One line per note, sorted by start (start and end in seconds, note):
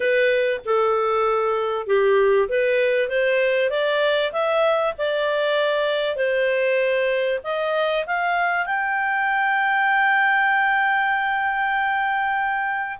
0.00 0.60 B4
0.65 1.86 A4
1.86 2.48 G4
2.48 3.08 B4
3.08 3.70 C5
3.70 4.32 D5
4.32 4.94 E5
4.97 6.15 D5
6.15 7.39 C5
7.43 8.05 D#5
8.06 8.66 F5
8.66 12.99 G5